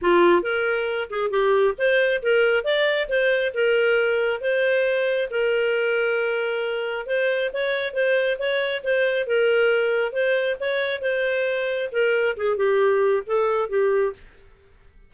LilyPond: \new Staff \with { instrumentName = "clarinet" } { \time 4/4 \tempo 4 = 136 f'4 ais'4. gis'8 g'4 | c''4 ais'4 d''4 c''4 | ais'2 c''2 | ais'1 |
c''4 cis''4 c''4 cis''4 | c''4 ais'2 c''4 | cis''4 c''2 ais'4 | gis'8 g'4. a'4 g'4 | }